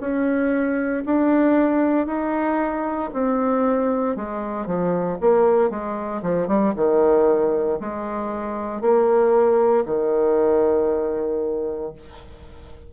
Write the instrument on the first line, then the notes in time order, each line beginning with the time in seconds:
bassoon
0.00 C#4
1.05 D4
2.06 D#4
3.13 C4
4.16 G#3
4.66 F3
5.21 A#3
5.70 G#3
6.22 F3
6.47 G3
6.76 D#3
7.80 G#3
8.81 A#3
9.86 D#3